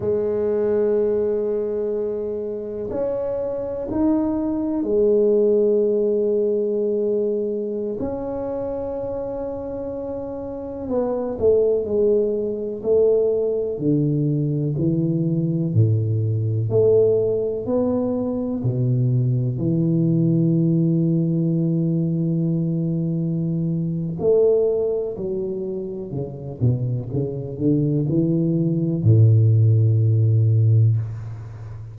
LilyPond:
\new Staff \with { instrumentName = "tuba" } { \time 4/4 \tempo 4 = 62 gis2. cis'4 | dis'4 gis2.~ | gis16 cis'2. b8 a16~ | a16 gis4 a4 d4 e8.~ |
e16 a,4 a4 b4 b,8.~ | b,16 e2.~ e8.~ | e4 a4 fis4 cis8 b,8 | cis8 d8 e4 a,2 | }